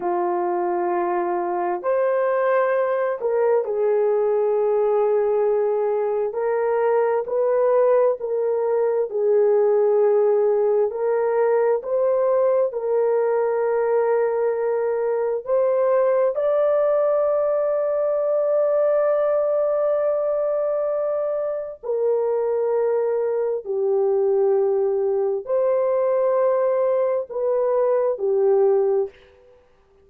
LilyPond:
\new Staff \with { instrumentName = "horn" } { \time 4/4 \tempo 4 = 66 f'2 c''4. ais'8 | gis'2. ais'4 | b'4 ais'4 gis'2 | ais'4 c''4 ais'2~ |
ais'4 c''4 d''2~ | d''1 | ais'2 g'2 | c''2 b'4 g'4 | }